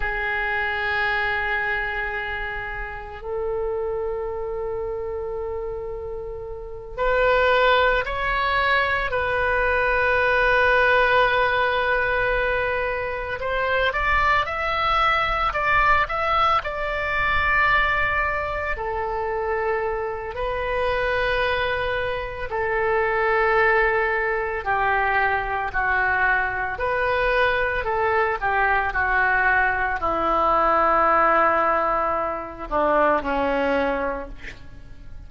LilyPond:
\new Staff \with { instrumentName = "oboe" } { \time 4/4 \tempo 4 = 56 gis'2. a'4~ | a'2~ a'8 b'4 cis''8~ | cis''8 b'2.~ b'8~ | b'8 c''8 d''8 e''4 d''8 e''8 d''8~ |
d''4. a'4. b'4~ | b'4 a'2 g'4 | fis'4 b'4 a'8 g'8 fis'4 | e'2~ e'8 d'8 cis'4 | }